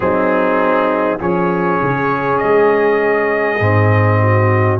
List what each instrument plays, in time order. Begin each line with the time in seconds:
0.00 tuba F#3, trombone C4, horn D#4, trumpet G#4
1.19 tuba F3, trombone C#4, horn G#4, trumpet C#5
1.81 tuba C#3
2.38 tuba G#3, trumpet D#5
3.60 tuba G#2, trombone C4
4.22 horn F#4